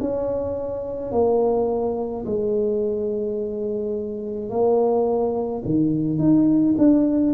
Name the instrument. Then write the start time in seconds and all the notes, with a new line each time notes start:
tuba
0.00 C#4
1.11 A#3
2.25 G#3
4.50 A#3
5.64 D#3
6.19 D#4
6.78 D4